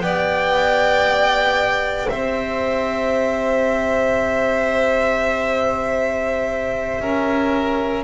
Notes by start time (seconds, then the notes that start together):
0.00 B3 G4 D5 G5
2.09 C4 C5 E5
7.00 C#4 A#4